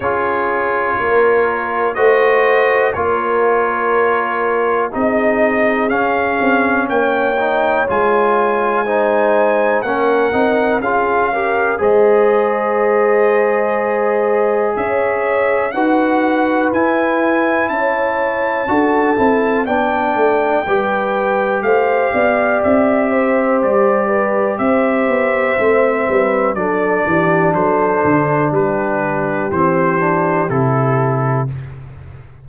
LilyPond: <<
  \new Staff \with { instrumentName = "trumpet" } { \time 4/4 \tempo 4 = 61 cis''2 dis''4 cis''4~ | cis''4 dis''4 f''4 g''4 | gis''2 fis''4 f''4 | dis''2. e''4 |
fis''4 gis''4 a''2 | g''2 f''4 e''4 | d''4 e''2 d''4 | c''4 b'4 c''4 a'4 | }
  \new Staff \with { instrumentName = "horn" } { \time 4/4 gis'4 ais'4 c''4 ais'4~ | ais'4 gis'2 cis''4~ | cis''4 c''4 ais'4 gis'8 ais'8 | c''2. cis''4 |
b'2 cis''4 a'4 | d''4 b'4 c''8 d''4 c''8~ | c''8 b'8 c''4. b'8 a'8 g'8 | a'4 g'2. | }
  \new Staff \with { instrumentName = "trombone" } { \time 4/4 f'2 fis'4 f'4~ | f'4 dis'4 cis'4. dis'8 | f'4 dis'4 cis'8 dis'8 f'8 g'8 | gis'1 |
fis'4 e'2 fis'8 e'8 | d'4 g'2.~ | g'2 c'4 d'4~ | d'2 c'8 d'8 e'4 | }
  \new Staff \with { instrumentName = "tuba" } { \time 4/4 cis'4 ais4 a4 ais4~ | ais4 c'4 cis'8 c'8 ais4 | gis2 ais8 c'8 cis'4 | gis2. cis'4 |
dis'4 e'4 cis'4 d'8 c'8 | b8 a8 g4 a8 b8 c'4 | g4 c'8 b8 a8 g8 fis8 e8 | fis8 d8 g4 e4 c4 | }
>>